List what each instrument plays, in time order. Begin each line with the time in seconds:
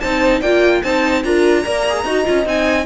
0.00 cello C4, viola D#4, horn C5, violin A5
0.41 cello A#3, viola F4, horn D5, violin G5
0.82 cello C4, viola D#4, horn C5, violin A5
1.24 cello D4, viola F4, horn A#4, violin A#5
1.63 cello A#3, viola A#4, horn D5
1.89 viola G#4
2.05 cello D#4, viola F#4, horn D#5
2.25 cello C#4, viola F4
2.45 cello C4, viola D#4, violin G#5